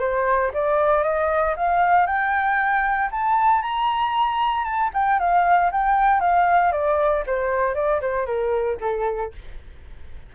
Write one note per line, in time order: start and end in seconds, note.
0.00 0.52 C5
0.54 1.04 D5
1.04 1.55 D#5
1.57 2.07 F5
2.07 3.10 G5
3.12 3.62 A5
3.62 4.65 A#5
4.65 4.91 A5
4.94 5.19 G5
5.19 5.71 F5
5.72 6.21 G5
6.21 6.72 F5
6.72 7.24 D5
7.27 7.75 C5
7.75 8.01 D5
8.01 8.26 C5
8.26 8.78 A#4
8.81 9.33 A4